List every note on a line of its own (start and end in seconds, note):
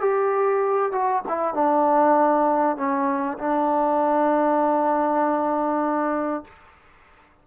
0.00 0.92 G4
0.92 1.22 F#4
1.28 1.54 E4
1.54 2.76 D4
2.76 3.38 C#4
3.38 6.44 D4